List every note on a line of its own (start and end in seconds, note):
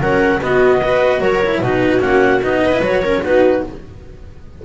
0.00 0.40 F#3
0.00 0.41 C#4
0.00 0.41 A#4
0.00 0.41 F#5
0.41 0.81 B3
0.41 1.21 B3
0.41 0.82 F#4
0.41 1.21 D#5
0.82 1.43 F#4
0.82 1.21 B4
1.21 1.61 F#3
1.21 1.61 A#4
1.21 1.61 C#5
1.45 1.65 E4
1.61 2.01 B2
1.61 2.01 D#4
1.61 2.62 F#4
1.61 2.00 B4
2.00 2.42 A#3
2.00 2.41 C#4
2.00 2.40 F#5
2.42 2.81 B3
2.42 2.72 D#4
2.42 2.83 D#5
2.62 3.03 B4
2.72 2.82 E4
2.81 3.21 F#3
2.81 3.03 F#4
2.81 3.24 C#5
3.03 3.24 C#4
3.03 3.23 A#4
3.24 3.64 B3
3.24 3.64 D#4
3.24 3.65 F#4
3.24 3.64 B4